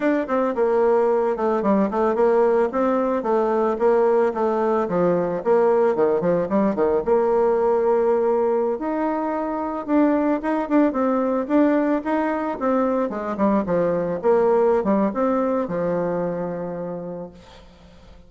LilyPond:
\new Staff \with { instrumentName = "bassoon" } { \time 4/4 \tempo 4 = 111 d'8 c'8 ais4. a8 g8 a8 | ais4 c'4 a4 ais4 | a4 f4 ais4 dis8 f8 | g8 dis8 ais2.~ |
ais16 dis'2 d'4 dis'8 d'16~ | d'16 c'4 d'4 dis'4 c'8.~ | c'16 gis8 g8 f4 ais4~ ais16 g8 | c'4 f2. | }